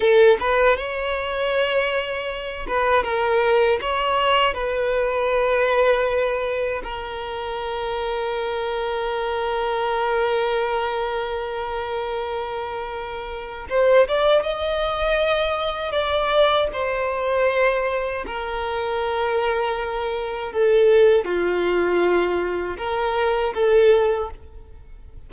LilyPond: \new Staff \with { instrumentName = "violin" } { \time 4/4 \tempo 4 = 79 a'8 b'8 cis''2~ cis''8 b'8 | ais'4 cis''4 b'2~ | b'4 ais'2.~ | ais'1~ |
ais'2 c''8 d''8 dis''4~ | dis''4 d''4 c''2 | ais'2. a'4 | f'2 ais'4 a'4 | }